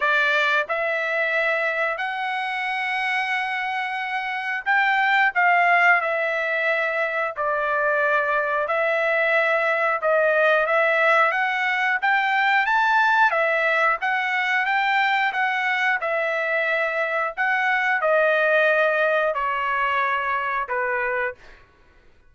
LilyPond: \new Staff \with { instrumentName = "trumpet" } { \time 4/4 \tempo 4 = 90 d''4 e''2 fis''4~ | fis''2. g''4 | f''4 e''2 d''4~ | d''4 e''2 dis''4 |
e''4 fis''4 g''4 a''4 | e''4 fis''4 g''4 fis''4 | e''2 fis''4 dis''4~ | dis''4 cis''2 b'4 | }